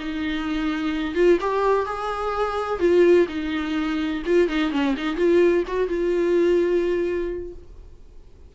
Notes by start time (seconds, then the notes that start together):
0.00 D#4
1.15 F4
1.41 G4
1.86 G#4
2.80 F4
3.29 D#4
4.26 F4
4.49 D#4
4.72 C#4
4.97 D#4
5.17 F4
5.68 F#4
5.88 F4